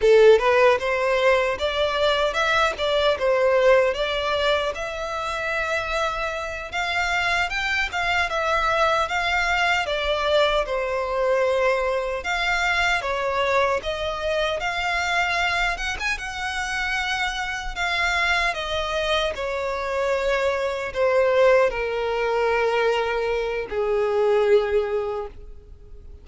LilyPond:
\new Staff \with { instrumentName = "violin" } { \time 4/4 \tempo 4 = 76 a'8 b'8 c''4 d''4 e''8 d''8 | c''4 d''4 e''2~ | e''8 f''4 g''8 f''8 e''4 f''8~ | f''8 d''4 c''2 f''8~ |
f''8 cis''4 dis''4 f''4. | fis''16 gis''16 fis''2 f''4 dis''8~ | dis''8 cis''2 c''4 ais'8~ | ais'2 gis'2 | }